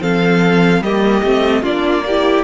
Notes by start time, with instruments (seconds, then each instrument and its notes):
0.00 cello F3, viola C4, violin A4 F5
0.81 cello G3, viola A#3, violin G4 D#5
1.23 cello A3, viola C4
1.62 cello A#3, viola D4, violin F4 D5
2.06 viola E4, violin G4